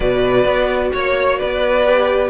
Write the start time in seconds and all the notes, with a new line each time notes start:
0.00 B2 F#4 B4 D5
0.45 B3
0.93 A#3 C#5
1.38 B3 B4 D5
1.84 G4